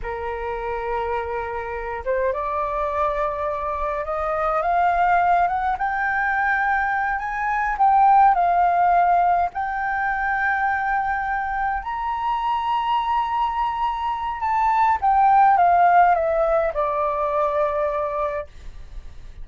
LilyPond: \new Staff \with { instrumentName = "flute" } { \time 4/4 \tempo 4 = 104 ais'2.~ ais'8 c''8 | d''2. dis''4 | f''4. fis''8 g''2~ | g''8 gis''4 g''4 f''4.~ |
f''8 g''2.~ g''8~ | g''8 ais''2.~ ais''8~ | ais''4 a''4 g''4 f''4 | e''4 d''2. | }